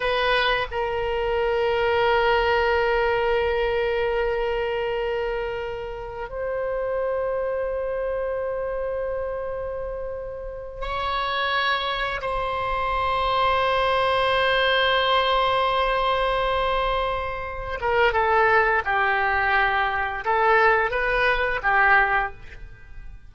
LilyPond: \new Staff \with { instrumentName = "oboe" } { \time 4/4 \tempo 4 = 86 b'4 ais'2.~ | ais'1~ | ais'4 c''2.~ | c''2.~ c''8 cis''8~ |
cis''4. c''2~ c''8~ | c''1~ | c''4. ais'8 a'4 g'4~ | g'4 a'4 b'4 g'4 | }